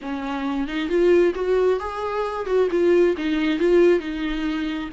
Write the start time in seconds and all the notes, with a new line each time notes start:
0.01 C#4
0.67 D#4
0.88 F4
1.34 F#4
1.79 G#4
2.46 F#4
2.70 F4
3.17 D#4
3.59 F4
3.99 D#4